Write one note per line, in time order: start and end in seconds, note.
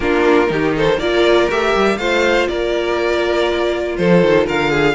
0.00 0.49 A#3
0.00 0.47 D4
0.00 0.50 F4
0.00 0.73 A#4
0.47 0.98 D#3
0.47 0.96 D#4
0.47 0.76 G4
0.76 0.98 A4
0.76 0.99 C5
0.98 1.47 A#3
0.98 1.49 F4
0.98 1.97 A#4
0.98 1.49 D5
1.49 1.74 A3
1.49 1.99 G4
1.49 1.97 E5
1.75 1.98 G3
1.97 2.47 A3
1.97 4.95 F4
1.97 2.49 C5
1.97 2.47 F5
2.47 3.98 A#3
2.47 3.97 A#4
2.47 3.96 D5
3.97 4.21 F3
3.97 4.46 A4
3.97 4.46 C5
4.21 4.46 D#3
4.46 4.95 D3
4.46 4.70 A#4
4.46 4.95 F5
4.70 4.95 G#4